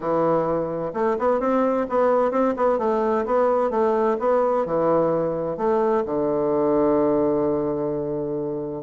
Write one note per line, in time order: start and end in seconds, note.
0.00 0.92 E3
0.93 1.16 A3
1.18 1.40 B3
1.40 1.86 C4
1.89 2.31 B3
2.31 2.54 C4
2.56 2.78 B3
2.78 3.25 A3
3.25 3.70 B3
3.70 4.17 A3
4.19 4.65 B3
4.65 5.57 E3
5.57 6.03 A3
6.05 8.83 D3